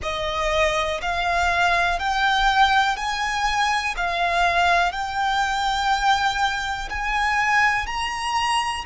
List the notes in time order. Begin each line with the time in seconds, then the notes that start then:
0.02 D#5
1.01 F5
1.99 G5
2.96 G#5
3.97 F5
4.92 G5
6.89 G#5
7.86 A#5